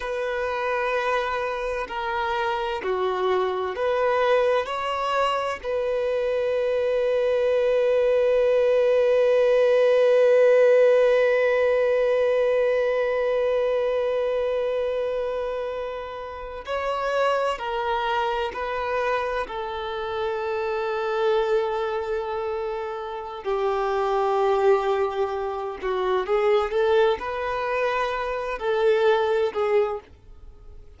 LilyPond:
\new Staff \with { instrumentName = "violin" } { \time 4/4 \tempo 4 = 64 b'2 ais'4 fis'4 | b'4 cis''4 b'2~ | b'1~ | b'1~ |
b'4.~ b'16 cis''4 ais'4 b'16~ | b'8. a'2.~ a'16~ | a'4 g'2~ g'8 fis'8 | gis'8 a'8 b'4. a'4 gis'8 | }